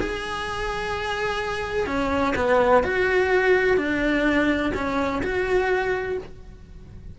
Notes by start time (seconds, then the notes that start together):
0.00 G#4
1.87 C#4
2.36 B3
2.84 F#4
3.77 D4
4.74 C#4
5.23 F#4